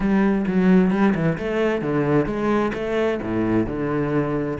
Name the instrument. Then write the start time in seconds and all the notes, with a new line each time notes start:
cello
0.00 G3
0.47 F#3
0.91 G3
1.14 E3
1.37 A3
1.81 D3
2.26 G#3
2.74 A3
3.22 A2
3.66 D3